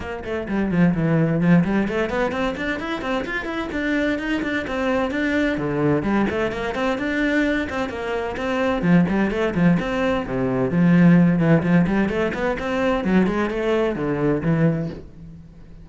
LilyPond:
\new Staff \with { instrumentName = "cello" } { \time 4/4 \tempo 4 = 129 ais8 a8 g8 f8 e4 f8 g8 | a8 b8 c'8 d'8 e'8 c'8 f'8 e'8 | d'4 dis'8 d'8 c'4 d'4 | d4 g8 a8 ais8 c'8 d'4~ |
d'8 c'8 ais4 c'4 f8 g8 | a8 f8 c'4 c4 f4~ | f8 e8 f8 g8 a8 b8 c'4 | fis8 gis8 a4 d4 e4 | }